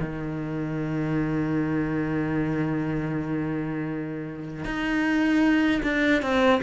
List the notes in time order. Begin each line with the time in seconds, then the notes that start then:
0.00 D#3
4.65 D#4
5.83 D4
6.22 C4